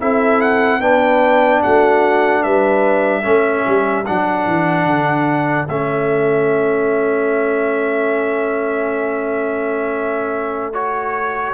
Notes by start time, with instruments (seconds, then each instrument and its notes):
0.00 tuba C4, trombone E4, horn A4, trumpet E5
0.41 trumpet F#5
0.79 tuba B3, trombone D4, horn B4, trumpet G5
1.62 tuba A3, horn F#4, trumpet F#5
2.43 tuba G3, horn B4, trumpet E5
3.23 tuba A3, trombone C#4, horn A4
3.67 tuba G3
4.06 tuba F#3, trombone D4, trumpet F#5
4.46 tuba E3
4.85 tuba D3
5.68 tuba A3, trombone C#4, trumpet E5
10.73 trombone F#4, trumpet C#5